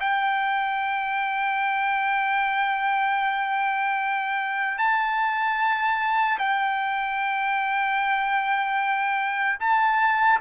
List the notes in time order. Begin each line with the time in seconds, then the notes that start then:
0.00 G5
4.78 A5
6.39 G5
9.60 A5